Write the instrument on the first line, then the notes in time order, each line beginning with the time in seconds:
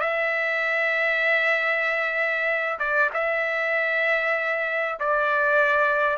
trumpet
0.00 E5
2.79 D5
3.13 E5
4.99 D5